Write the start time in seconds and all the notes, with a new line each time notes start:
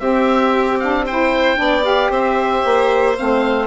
0.00 C4 G4 E5
0.80 D4 F5
1.06 E4 C5 G5
1.56 B3 D4
1.62 D5
1.83 G4 F5
2.10 C4 C5 E5
2.65 A#3
3.17 A3 C4 F5